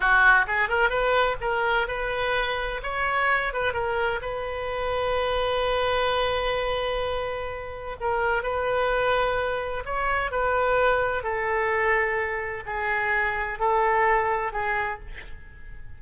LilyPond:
\new Staff \with { instrumentName = "oboe" } { \time 4/4 \tempo 4 = 128 fis'4 gis'8 ais'8 b'4 ais'4 | b'2 cis''4. b'8 | ais'4 b'2.~ | b'1~ |
b'4 ais'4 b'2~ | b'4 cis''4 b'2 | a'2. gis'4~ | gis'4 a'2 gis'4 | }